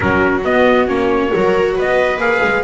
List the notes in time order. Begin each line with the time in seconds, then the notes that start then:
0.00 F#3 C#4 F#4 A#4
0.44 B3 D#5
0.87 A#3 C#4 C#5
1.30 F#3 F#4 A#4
1.75 B3 B4 D#5
2.17 A#3 G#4 F5
2.43 G#3